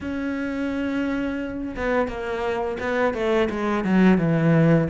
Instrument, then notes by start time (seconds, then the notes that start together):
cello
0.00 C#4
1.76 B3
2.07 A#3
2.79 B3
3.14 A3
3.49 G#3
3.84 F#3
4.18 E3